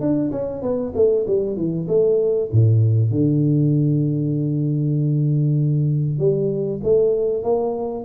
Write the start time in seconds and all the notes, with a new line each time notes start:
0.00 D4
0.31 C#4
0.62 B3
0.95 A3
1.27 G3
1.56 E3
1.88 A3
2.52 A2
3.10 D3
6.19 G3
6.83 A3
7.42 A#3